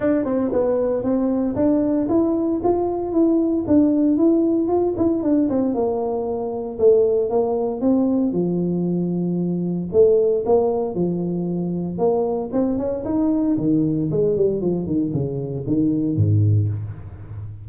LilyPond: \new Staff \with { instrumentName = "tuba" } { \time 4/4 \tempo 4 = 115 d'8 c'8 b4 c'4 d'4 | e'4 f'4 e'4 d'4 | e'4 f'8 e'8 d'8 c'8 ais4~ | ais4 a4 ais4 c'4 |
f2. a4 | ais4 f2 ais4 | c'8 cis'8 dis'4 dis4 gis8 g8 | f8 dis8 cis4 dis4 gis,4 | }